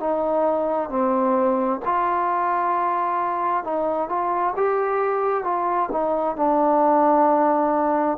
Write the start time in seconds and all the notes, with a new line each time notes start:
0.00 D#4
0.89 C4
1.85 F4
3.64 D#4
4.09 F4
4.56 G4
5.44 F4
5.92 D#4
6.36 D4